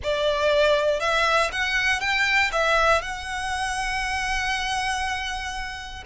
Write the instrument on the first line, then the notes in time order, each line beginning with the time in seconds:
violin
0.03 D5
1.00 E5
1.51 F#5
2.00 G5
2.52 E5
3.01 F#5